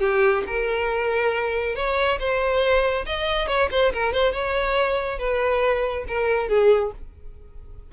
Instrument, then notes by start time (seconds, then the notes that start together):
violin
0.00 G4
0.47 A#4
1.75 C#5
2.19 C5
3.06 D#5
3.47 C#5
3.71 C5
3.93 A#4
4.13 C5
4.32 C#5
5.19 B4
6.07 A#4
6.48 G#4